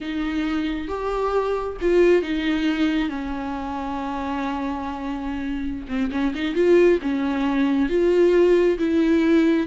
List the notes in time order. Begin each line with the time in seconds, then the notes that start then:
0.00 D#4
0.88 G4
1.81 F4
2.22 D#4
3.09 C#4
5.88 C4
6.11 C#4
6.34 D#4
6.54 F4
7.02 C#4
7.89 F4
8.78 E4